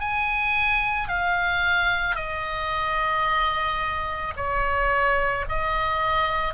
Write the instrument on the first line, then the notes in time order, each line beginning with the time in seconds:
oboe
0.00 G#5
1.08 F5
2.15 D#5
4.36 C#5
5.48 D#5